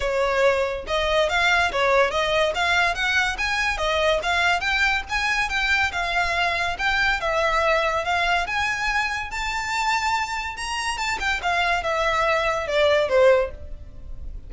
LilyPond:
\new Staff \with { instrumentName = "violin" } { \time 4/4 \tempo 4 = 142 cis''2 dis''4 f''4 | cis''4 dis''4 f''4 fis''4 | gis''4 dis''4 f''4 g''4 | gis''4 g''4 f''2 |
g''4 e''2 f''4 | gis''2 a''2~ | a''4 ais''4 a''8 g''8 f''4 | e''2 d''4 c''4 | }